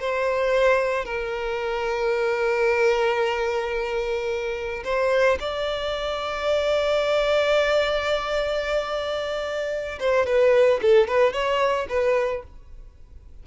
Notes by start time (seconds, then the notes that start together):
0.00 C5
1.05 A#4
4.84 C5
5.40 D5
10.00 C5
10.26 B4
10.82 A4
11.08 B4
11.33 C#5
11.89 B4